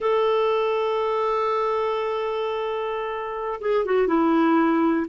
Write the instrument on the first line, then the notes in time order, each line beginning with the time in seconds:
clarinet
0.00 A4
3.61 G#4
3.85 F#4
4.07 E4